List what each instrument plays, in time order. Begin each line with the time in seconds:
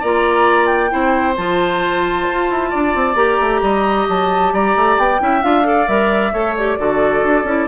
0.00 bassoon A#3, clarinet F4, oboe D5, flute A#5
0.66 flute G5
0.89 bassoon C4, clarinet E4, oboe C5
1.36 bassoon F3, clarinet F4, flute A5
2.28 bassoon F4
2.49 bassoon E4
2.70 bassoon D4, oboe D5
2.95 bassoon C4
3.15 bassoon A#3, clarinet G4, flute A#5
3.40 bassoon A3
3.62 bassoon G3, oboe D#5
4.08 bassoon F#3, flute A5
4.53 bassoon G3, oboe D5, flute A#5
4.75 bassoon A3
4.97 bassoon B3, flute G5
5.19 bassoon C#4, clarinet E4, oboe E5
5.42 bassoon D4, clarinet F4, flute F5
5.63 clarinet A4, oboe D5
5.87 bassoon G3, clarinet A#4, flute E5
6.33 bassoon A3, clarinet A4, oboe C#5
6.56 clarinet G4, flute D5
6.78 bassoon D3, clarinet F#4, oboe A4
7.23 bassoon D4
7.44 bassoon C#4, clarinet E4